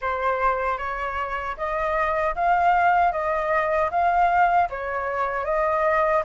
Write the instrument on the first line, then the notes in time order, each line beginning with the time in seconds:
flute
0.01 C5
0.78 C#5
1.57 D#5
2.35 F5
3.12 D#5
3.91 F5
4.69 C#5
5.44 D#5